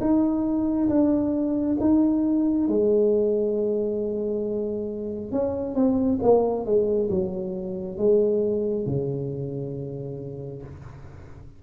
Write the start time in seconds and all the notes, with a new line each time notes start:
0.00 D#4
0.89 D4
1.80 D#4
2.68 G#3
5.31 C#4
5.75 C4
6.22 A#3
6.65 G#3
7.10 F#3
7.97 G#3
8.86 C#3